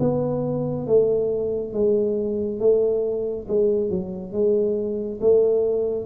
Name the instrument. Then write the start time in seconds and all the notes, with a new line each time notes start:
tuba
0.00 B3
0.87 A3
1.73 G#3
2.60 A3
3.48 G#3
3.90 F#3
4.33 G#3
5.21 A3